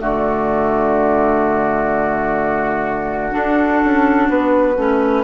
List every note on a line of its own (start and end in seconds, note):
0.00 3.34 D3
0.00 3.31 A3
0.00 5.24 F#4
0.00 3.33 D5
3.31 4.74 D4
3.31 3.84 D4
3.31 4.29 A4
3.84 4.29 C#4
4.29 4.76 B3
4.29 5.24 B4
4.77 5.24 A3
4.77 5.24 C#4